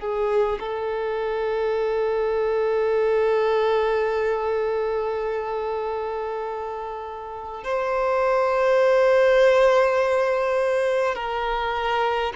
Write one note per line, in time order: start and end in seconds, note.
0.00 0.59 G#4
0.60 7.64 A4
7.64 11.16 C5
11.16 12.33 A#4